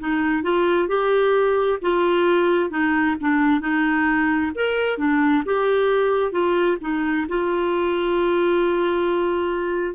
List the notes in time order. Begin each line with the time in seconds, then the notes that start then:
0.00 D#4
0.43 F4
0.88 G4
1.82 F4
2.71 D#4
3.21 D4
3.61 D#4
4.55 A#4
4.98 D4
5.46 G4
6.32 F4
6.81 D#4
7.29 F4